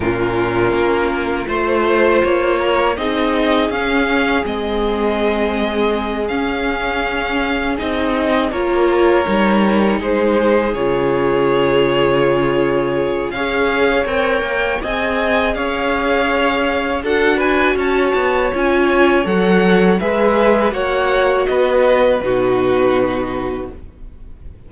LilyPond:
<<
  \new Staff \with { instrumentName = "violin" } { \time 4/4 \tempo 4 = 81 ais'2 c''4 cis''4 | dis''4 f''4 dis''2~ | dis''8 f''2 dis''4 cis''8~ | cis''4. c''4 cis''4.~ |
cis''2 f''4 g''4 | gis''4 f''2 fis''8 gis''8 | a''4 gis''4 fis''4 e''4 | fis''4 dis''4 b'2 | }
  \new Staff \with { instrumentName = "violin" } { \time 4/4 f'2 c''4. ais'8 | gis'1~ | gis'2.~ gis'8 ais'8~ | ais'4. gis'2~ gis'8~ |
gis'2 cis''2 | dis''4 cis''2 a'8 b'8 | cis''2. b'4 | cis''4 b'4 fis'2 | }
  \new Staff \with { instrumentName = "viola" } { \time 4/4 cis'2 f'2 | dis'4 cis'4 c'2~ | c'8 cis'2 dis'4 f'8~ | f'8 dis'2 f'4.~ |
f'2 gis'4 ais'4 | gis'2. fis'4~ | fis'4 f'4 a'4 gis'4 | fis'2 dis'2 | }
  \new Staff \with { instrumentName = "cello" } { \time 4/4 ais,4 ais4 a4 ais4 | c'4 cis'4 gis2~ | gis8 cis'2 c'4 ais8~ | ais8 g4 gis4 cis4.~ |
cis2 cis'4 c'8 ais8 | c'4 cis'2 d'4 | cis'8 b8 cis'4 fis4 gis4 | ais4 b4 b,2 | }
>>